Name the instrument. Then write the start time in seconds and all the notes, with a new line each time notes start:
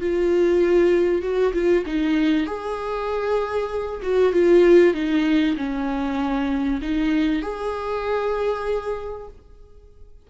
viola
0.00 F4
1.22 F#4
1.53 F4
1.86 D#4
2.46 G#4
4.02 F#4
4.33 F4
4.94 D#4
5.56 C#4
6.82 D#4
7.42 G#4